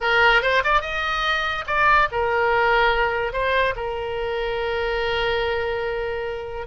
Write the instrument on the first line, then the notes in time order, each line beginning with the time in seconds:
oboe
0.00 A#4
0.41 C5
0.64 D5
0.81 D#5
1.66 D5
2.11 A#4
3.32 C5
3.76 A#4